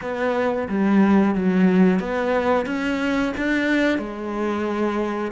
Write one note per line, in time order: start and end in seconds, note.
0.01 0.68 B3
0.68 1.35 G3
1.35 1.99 F#3
1.99 2.65 B3
2.65 3.32 C#4
3.37 3.98 D4
3.98 5.31 G#3